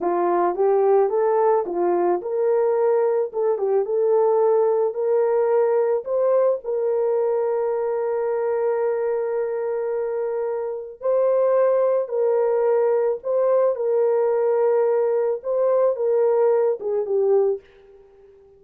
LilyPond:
\new Staff \with { instrumentName = "horn" } { \time 4/4 \tempo 4 = 109 f'4 g'4 a'4 f'4 | ais'2 a'8 g'8 a'4~ | a'4 ais'2 c''4 | ais'1~ |
ais'1 | c''2 ais'2 | c''4 ais'2. | c''4 ais'4. gis'8 g'4 | }